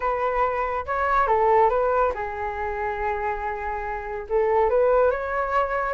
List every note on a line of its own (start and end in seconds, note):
0.00 0.85 B4
0.85 1.27 C#5
1.27 1.69 A4
1.69 2.12 B4
2.14 4.27 G#4
4.29 4.69 A4
4.69 5.10 B4
5.10 5.93 C#5